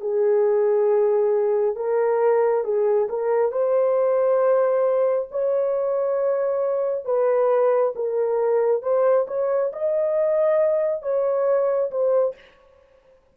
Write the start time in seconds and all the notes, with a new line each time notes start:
0.00 G#4
1.76 A#4
2.64 G#4
3.09 A#4
3.51 C5
5.31 C#5
7.05 B4
7.95 A#4
8.82 C5
9.27 C#5
9.72 D#5
11.02 C#5
11.90 C5